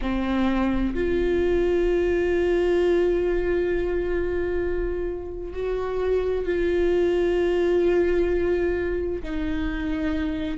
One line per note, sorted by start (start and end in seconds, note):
0.01 0.94 C4
0.94 5.53 F4
5.53 6.45 F#4
6.45 9.22 F4
9.23 10.58 D#4